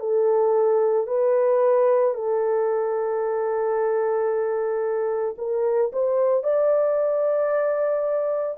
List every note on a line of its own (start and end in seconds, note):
0.00 1.07 A4
1.08 2.14 B4
2.14 5.36 A4
5.38 5.92 A#4
5.93 6.43 C5
6.43 8.58 D5